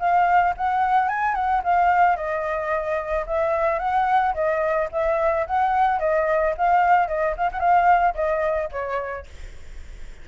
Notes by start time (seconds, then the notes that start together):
0.00 F5
0.58 F#5
1.09 G#5
1.35 F#5
1.64 F5
2.17 D#5
3.27 E5
3.80 F#5
4.35 D#5
4.92 E5
5.47 F#5
6.00 D#5
6.58 F5
7.08 D#5
7.37 F5
7.52 F#5
7.60 F5
8.15 D#5
8.72 C#5